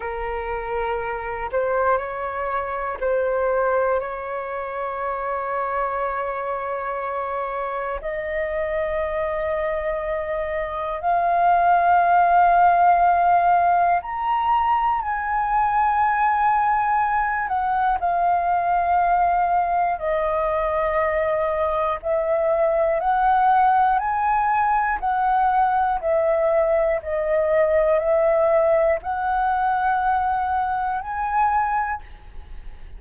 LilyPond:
\new Staff \with { instrumentName = "flute" } { \time 4/4 \tempo 4 = 60 ais'4. c''8 cis''4 c''4 | cis''1 | dis''2. f''4~ | f''2 ais''4 gis''4~ |
gis''4. fis''8 f''2 | dis''2 e''4 fis''4 | gis''4 fis''4 e''4 dis''4 | e''4 fis''2 gis''4 | }